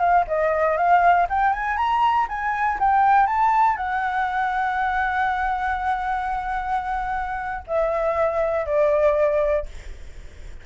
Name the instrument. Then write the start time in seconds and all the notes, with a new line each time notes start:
flute
0.00 F5
0.28 D#5
0.78 F5
1.30 G5
1.53 G#5
1.77 A#5
2.29 G#5
2.80 G5
3.27 A5
3.77 F#5
7.68 E5
8.66 D5